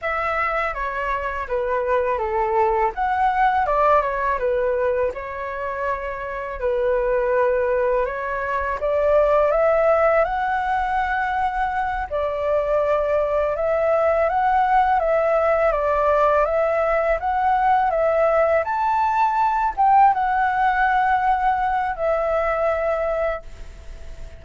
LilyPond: \new Staff \with { instrumentName = "flute" } { \time 4/4 \tempo 4 = 82 e''4 cis''4 b'4 a'4 | fis''4 d''8 cis''8 b'4 cis''4~ | cis''4 b'2 cis''4 | d''4 e''4 fis''2~ |
fis''8 d''2 e''4 fis''8~ | fis''8 e''4 d''4 e''4 fis''8~ | fis''8 e''4 a''4. g''8 fis''8~ | fis''2 e''2 | }